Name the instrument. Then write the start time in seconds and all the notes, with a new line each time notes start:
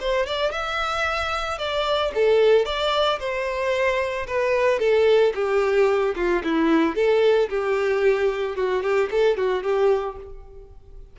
violin
0.00 C5
0.26 D5
0.51 E5
1.58 D5
2.14 A4
2.65 D5
3.19 C5
4.27 B4
4.79 A4
5.34 G4
6.15 F4
6.43 E4
6.95 A4
7.49 G4
8.56 F#4
8.82 G4
9.11 A4
9.37 F#4
9.63 G4